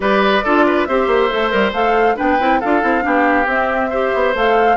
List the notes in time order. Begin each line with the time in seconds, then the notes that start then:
0.00 G3 G4 B4 D5
0.44 D4 F4 A4
0.65 B4
0.85 C4 G4 C5 E5
1.07 A#3
1.30 A3 A4
1.50 G3 A#4
1.72 A3 A4 F5
2.16 B3 D4 B4 G5
2.39 C4 E4
2.60 D4 F4 A4 F5
2.81 C4 E4
3.01 B3 D4 G4
3.45 C4 E5
3.90 G4 C5
4.14 B3
4.34 A3 A4 F5